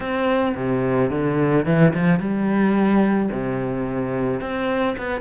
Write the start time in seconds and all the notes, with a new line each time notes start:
0.00 C4
0.55 C3
1.10 D3
1.65 E3
1.94 F3
2.19 G3
3.31 C3
4.41 C4
4.97 B3